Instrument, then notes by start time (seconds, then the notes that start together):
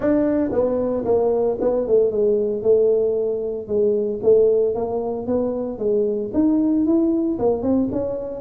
tuba
0.00 D4
0.51 B3
1.04 A#3
1.60 B3
1.87 A3
2.11 G#3
2.62 A3
3.67 G#3
4.22 A3
4.75 A#3
5.26 B3
5.78 G#3
6.33 D#4
6.85 E4
7.39 A#3
7.62 C4
7.91 C#4